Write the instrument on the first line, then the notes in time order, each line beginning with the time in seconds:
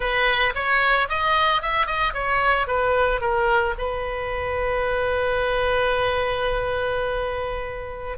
oboe
0.00 B4
0.54 C#5
1.09 D#5
1.62 E5
1.86 D#5
2.13 C#5
2.67 B4
3.20 A#4
3.78 B4